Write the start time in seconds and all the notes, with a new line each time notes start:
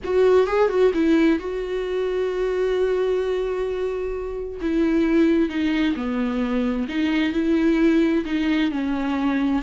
0.04 F#4
0.47 G#4
0.69 F#4
0.94 E4
1.39 F#4
4.61 E4
5.49 D#4
5.95 B3
6.88 D#4
7.32 E4
8.25 D#4
8.71 C#4